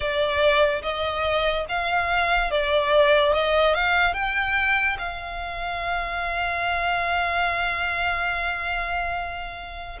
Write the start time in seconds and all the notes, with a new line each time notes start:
0.00 D5
0.82 D#5
1.68 F5
2.50 D5
3.32 D#5
3.74 F5
4.13 G5
4.98 F5